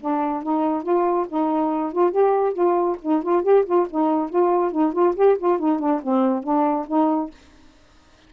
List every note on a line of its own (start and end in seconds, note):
0.00 0.42 D4
0.42 0.83 D#4
0.83 1.26 F4
1.28 1.92 D#4
1.92 2.11 F4
2.11 2.53 G4
2.53 2.96 F4
3.02 3.23 D#4
3.23 3.43 F4
3.43 3.64 G4
3.65 3.86 F4
3.90 4.29 D#4
4.29 4.71 F4
4.71 4.93 D#4
4.93 5.14 F4
5.15 5.37 G4
5.38 5.59 F4
5.59 5.79 D#4
5.79 6.01 D4
6.03 6.43 C4
6.43 6.86 D4
6.87 7.30 D#4